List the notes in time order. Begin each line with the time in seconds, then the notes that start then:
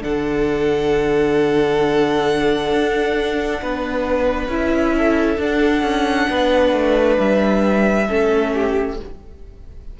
0.00 D3 D4 A4 F#5
2.73 D4
3.62 B3 B4
4.48 C#4 E4 E5
4.97 A4
5.37 D4 F#5
5.82 C#4
6.30 B3 B4
6.73 A3
7.19 G3 E5
8.07 A3 C#4 A4
8.54 G4